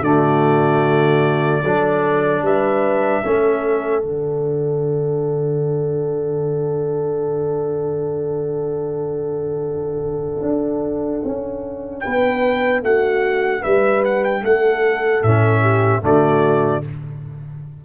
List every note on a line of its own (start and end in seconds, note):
0.00 1.60 D3
0.00 1.64 A3
0.00 1.62 F#4
0.00 2.43 D5
1.62 2.42 F#3
1.62 3.23 D4
1.62 2.42 A4
2.42 3.22 G3
2.42 3.24 B4
2.42 4.03 E5
3.23 4.03 A3
3.23 4.02 C#4
3.23 12.03 A4
4.02 10.41 D3
4.02 15.22 D4
4.02 12.00 F#5
10.41 11.21 D4
11.24 12.04 C#4
12.00 12.82 B3
12.00 12.83 B4
12.00 12.80 G5
12.82 13.62 A3
12.82 13.61 F#4
12.82 13.62 F#5
13.61 14.42 G3
13.61 14.41 B4
13.61 14.03 E5
14.04 14.24 F#5
14.24 14.44 G5
14.42 15.22 A3
14.42 15.61 A4
14.42 15.23 F#5
15.22 16.02 A2
15.22 16.01 C#4
15.22 16.03 E5
15.61 16.01 G4
16.01 16.83 D3
16.01 16.81 A3
16.01 16.83 F#4
16.01 16.84 D5